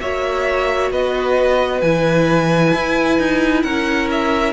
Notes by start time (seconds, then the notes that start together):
0.00 A#3 F#4 C#5 E5
0.91 B3 B4 D#5
1.81 E3 E4 G#5
2.74 E4
3.18 D#4
3.62 C#4 A#4 F#5
4.10 E5